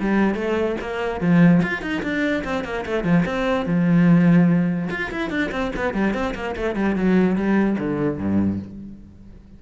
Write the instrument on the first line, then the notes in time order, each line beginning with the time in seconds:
cello
0.00 G3
0.34 A3
0.80 A#3
1.20 F3
1.62 F4
1.81 D#4
2.02 D4
2.44 C4
2.64 A#3
2.86 A3
3.04 F3
3.25 C4
3.65 F3
4.90 F4
5.11 E4
5.30 D4
5.51 C4
5.76 B3
5.94 G3
6.14 C4
6.35 A#3
6.56 A3
6.75 G3
6.96 F#3
7.35 G3
7.79 D3
8.18 G2